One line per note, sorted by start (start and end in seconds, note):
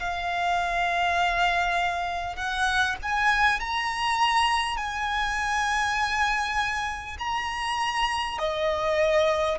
0.00 2.36 F5
2.36 2.96 F#5
3.03 3.61 G#5
3.61 4.78 A#5
4.78 7.18 G#5
7.19 8.39 A#5
8.39 9.59 D#5